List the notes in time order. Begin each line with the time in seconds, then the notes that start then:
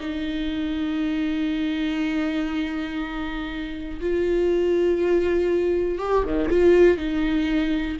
0.00 D#4
4.00 F4
5.99 G4
6.24 D#3
6.50 F4
6.98 D#4